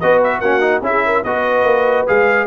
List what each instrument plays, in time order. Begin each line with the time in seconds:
0.00 tuba B3, trombone F#4, horn B4, trumpet D#5
0.23 trumpet E5
0.40 tuba A#3, trombone C#4, horn F#4, trumpet F#5
0.61 trombone D#4
0.81 tuba C#4, trombone E4, trumpet E5
0.88 horn G#4
1.05 horn A#4
1.24 tuba B3, trombone F#4, horn B4, trumpet D#5
1.63 tuba A#3
2.07 tuba G#3, trombone G#4, trumpet F5